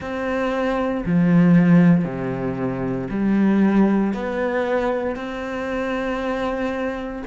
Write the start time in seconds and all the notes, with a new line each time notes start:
0.00 C4
1.05 F3
2.04 C3
3.10 G3
4.13 B3
5.15 C4